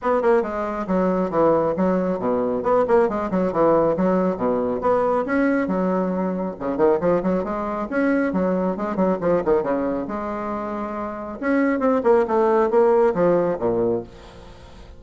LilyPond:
\new Staff \with { instrumentName = "bassoon" } { \time 4/4 \tempo 4 = 137 b8 ais8 gis4 fis4 e4 | fis4 b,4 b8 ais8 gis8 fis8 | e4 fis4 b,4 b4 | cis'4 fis2 cis8 dis8 |
f8 fis8 gis4 cis'4 fis4 | gis8 fis8 f8 dis8 cis4 gis4~ | gis2 cis'4 c'8 ais8 | a4 ais4 f4 ais,4 | }